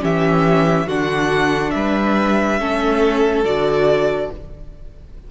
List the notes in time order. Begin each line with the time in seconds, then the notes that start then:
0.00 E3 C#4 G4 E5
0.86 D3 D4 F#4 F#5
1.70 G3 B4 E5
2.59 A3 C#4 A4
3.44 D3 F#4 D5